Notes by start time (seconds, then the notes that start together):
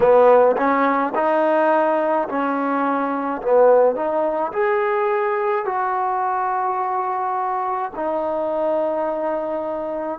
0.00 B3
0.57 C#4
1.14 D#4
2.28 C#4
3.42 B3
3.95 D#4
4.52 G#4
5.65 F#4
7.95 D#4